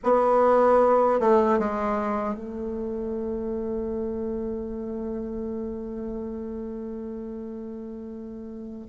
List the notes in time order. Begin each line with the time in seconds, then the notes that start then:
0.03 B3
1.19 A3
1.59 G#3
2.35 A3